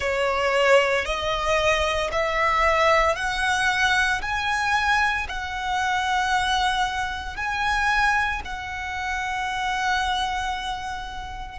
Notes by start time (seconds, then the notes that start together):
0.00 C#5
1.05 D#5
2.11 E5
3.15 F#5
4.21 G#5
5.28 F#5
7.36 G#5
8.44 F#5